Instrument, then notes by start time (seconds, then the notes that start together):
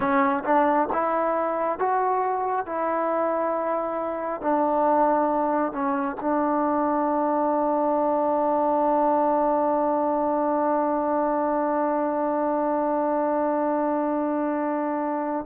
trombone
0.00 C#4
0.44 D4
0.93 E4
1.78 F#4
2.66 E4
4.41 D4
5.72 C#4
6.20 D4